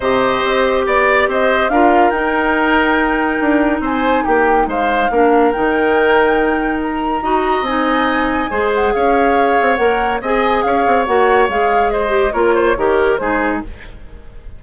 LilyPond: <<
  \new Staff \with { instrumentName = "flute" } { \time 4/4 \tempo 4 = 141 dis''2 d''4 dis''4 | f''4 g''2.~ | g''4 gis''4 g''4 f''4~ | f''4 g''2. |
ais''2 gis''2~ | gis''8 fis''8 f''2 fis''4 | gis''4 f''4 fis''4 f''4 | dis''4 cis''2 c''4 | }
  \new Staff \with { instrumentName = "oboe" } { \time 4/4 c''2 d''4 c''4 | ais'1~ | ais'4 c''4 g'4 c''4 | ais'1~ |
ais'4 dis''2. | c''4 cis''2. | dis''4 cis''2. | c''4 ais'8 c''8 ais'4 gis'4 | }
  \new Staff \with { instrumentName = "clarinet" } { \time 4/4 g'1 | f'4 dis'2.~ | dis'1 | d'4 dis'2.~ |
dis'4 fis'4 dis'2 | gis'2. ais'4 | gis'2 fis'4 gis'4~ | gis'8 g'8 f'4 g'4 dis'4 | }
  \new Staff \with { instrumentName = "bassoon" } { \time 4/4 c4 c'4 b4 c'4 | d'4 dis'2. | d'4 c'4 ais4 gis4 | ais4 dis2.~ |
dis4 dis'4 c'2 | gis4 cis'4. c'8 ais4 | c'4 cis'8 c'8 ais4 gis4~ | gis4 ais4 dis4 gis4 | }
>>